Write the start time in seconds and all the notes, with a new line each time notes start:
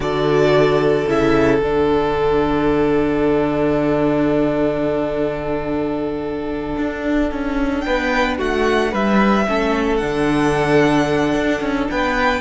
0.00 D3 F#4 A4 D5
1.07 C#3 E4 E5
1.61 D3 D4 F#5
6.77 D4
7.31 C#4
7.80 G5
7.86 B3 B4
8.37 A3 F#4 F#5
8.91 G3 B4 E5
9.47 A3 C#4 A4
9.96 D4 F#5
10.03 D3
11.34 D4
11.60 C#4
11.90 B3 B4 G5